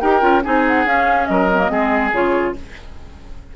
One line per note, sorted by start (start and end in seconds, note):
0.00 0.22 D#4
0.00 0.21 G4
0.00 0.44 A#4
0.00 0.42 G5
0.21 0.43 C#4
0.21 0.42 F4
0.44 0.85 C4
0.44 0.87 D#4
0.44 1.28 G#4
0.44 0.65 G#5
0.68 0.88 F#5
0.85 1.27 C#4
0.85 1.51 C#4
0.85 1.26 F5
1.26 1.70 F#3
1.26 1.72 A#4
1.26 2.10 D#5
1.52 1.59 C4
1.59 1.69 A#3
1.69 2.12 G#3
1.69 2.11 C4
1.69 2.56 G#4
2.12 2.54 C#3
2.12 2.55 F4
2.12 2.56 C#5